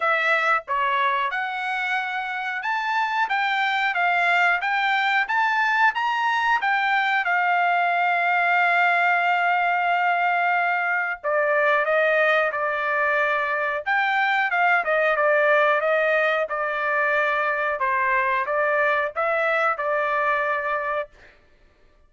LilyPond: \new Staff \with { instrumentName = "trumpet" } { \time 4/4 \tempo 4 = 91 e''4 cis''4 fis''2 | a''4 g''4 f''4 g''4 | a''4 ais''4 g''4 f''4~ | f''1~ |
f''4 d''4 dis''4 d''4~ | d''4 g''4 f''8 dis''8 d''4 | dis''4 d''2 c''4 | d''4 e''4 d''2 | }